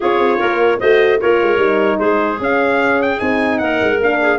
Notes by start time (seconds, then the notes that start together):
0.00 C#4 F4 G#4 C#5
0.19 C4
0.38 A#3 A#4
0.80 A3 F#4 C5 D#5
1.20 A#3 F4 A#4 C#5
1.41 G#3
1.57 G3 D#4
1.99 G#3 G#4 C5
2.39 C#4 F5
3.01 G5
3.16 C4 D#4 G#5
3.58 A#3 A#4 F#5
3.81 G#3
4.00 A#3 D4 F5
4.20 G#4